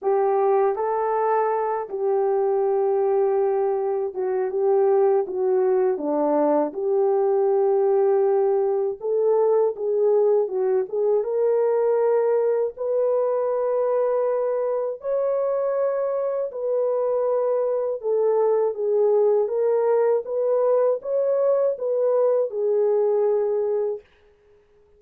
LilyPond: \new Staff \with { instrumentName = "horn" } { \time 4/4 \tempo 4 = 80 g'4 a'4. g'4.~ | g'4. fis'8 g'4 fis'4 | d'4 g'2. | a'4 gis'4 fis'8 gis'8 ais'4~ |
ais'4 b'2. | cis''2 b'2 | a'4 gis'4 ais'4 b'4 | cis''4 b'4 gis'2 | }